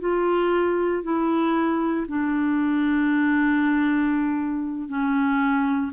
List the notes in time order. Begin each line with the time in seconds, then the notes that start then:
0.00 F4
1.03 E4
2.08 D4
4.89 C#4